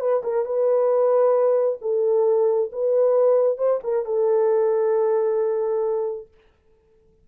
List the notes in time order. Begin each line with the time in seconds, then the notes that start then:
0.00 B4
0.23 A#4
0.45 B4
1.82 A4
2.72 B4
3.58 C5
3.83 A#4
4.05 A4